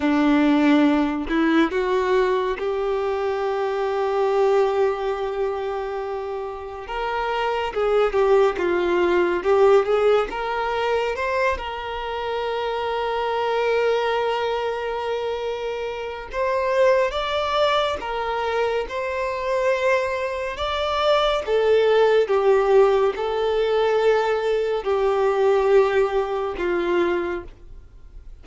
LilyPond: \new Staff \with { instrumentName = "violin" } { \time 4/4 \tempo 4 = 70 d'4. e'8 fis'4 g'4~ | g'1 | ais'4 gis'8 g'8 f'4 g'8 gis'8 | ais'4 c''8 ais'2~ ais'8~ |
ais'2. c''4 | d''4 ais'4 c''2 | d''4 a'4 g'4 a'4~ | a'4 g'2 f'4 | }